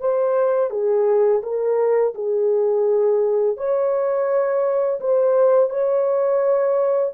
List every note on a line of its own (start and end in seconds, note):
0.00 0.70 C5
0.70 1.42 G#4
1.43 2.14 A#4
2.14 3.57 G#4
3.57 5.00 C#5
5.00 5.70 C5
5.70 7.13 C#5